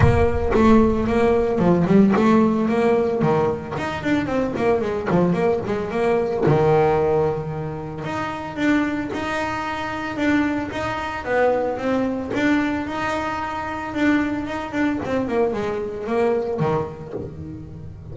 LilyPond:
\new Staff \with { instrumentName = "double bass" } { \time 4/4 \tempo 4 = 112 ais4 a4 ais4 f8 g8 | a4 ais4 dis4 dis'8 d'8 | c'8 ais8 gis8 f8 ais8 gis8 ais4 | dis2. dis'4 |
d'4 dis'2 d'4 | dis'4 b4 c'4 d'4 | dis'2 d'4 dis'8 d'8 | c'8 ais8 gis4 ais4 dis4 | }